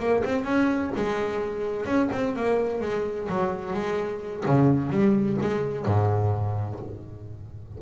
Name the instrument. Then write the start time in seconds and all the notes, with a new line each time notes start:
double bass
0.00 A#3
0.25 C4
0.45 C#4
0.97 G#3
1.86 C#4
2.13 C4
2.36 A#3
2.82 G#3
3.29 F#3
3.74 G#3
4.46 C#3
4.91 G3
5.42 G#3
5.86 G#2